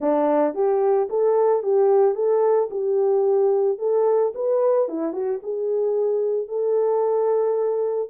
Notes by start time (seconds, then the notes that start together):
0.00 D4
0.54 G4
1.09 A4
1.62 G4
2.14 A4
2.70 G4
3.78 A4
4.34 B4
4.88 E4
5.12 F#4
5.43 G#4
6.48 A4